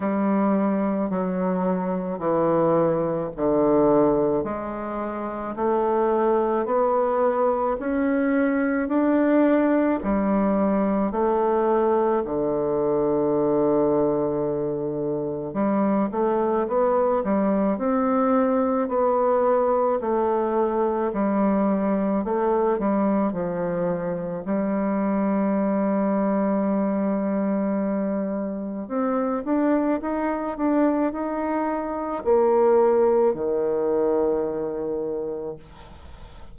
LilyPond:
\new Staff \with { instrumentName = "bassoon" } { \time 4/4 \tempo 4 = 54 g4 fis4 e4 d4 | gis4 a4 b4 cis'4 | d'4 g4 a4 d4~ | d2 g8 a8 b8 g8 |
c'4 b4 a4 g4 | a8 g8 f4 g2~ | g2 c'8 d'8 dis'8 d'8 | dis'4 ais4 dis2 | }